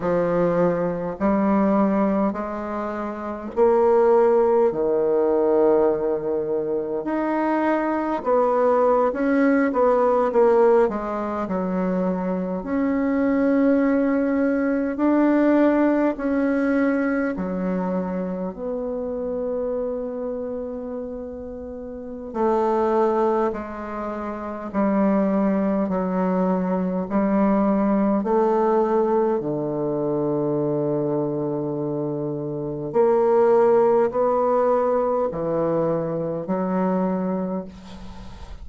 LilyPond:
\new Staff \with { instrumentName = "bassoon" } { \time 4/4 \tempo 4 = 51 f4 g4 gis4 ais4 | dis2 dis'4 b8. cis'16~ | cis'16 b8 ais8 gis8 fis4 cis'4~ cis'16~ | cis'8. d'4 cis'4 fis4 b16~ |
b2. a4 | gis4 g4 fis4 g4 | a4 d2. | ais4 b4 e4 fis4 | }